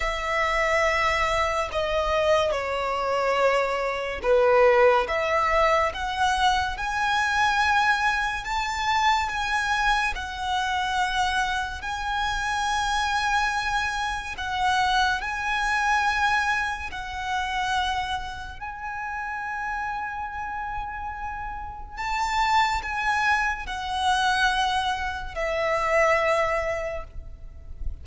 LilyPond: \new Staff \with { instrumentName = "violin" } { \time 4/4 \tempo 4 = 71 e''2 dis''4 cis''4~ | cis''4 b'4 e''4 fis''4 | gis''2 a''4 gis''4 | fis''2 gis''2~ |
gis''4 fis''4 gis''2 | fis''2 gis''2~ | gis''2 a''4 gis''4 | fis''2 e''2 | }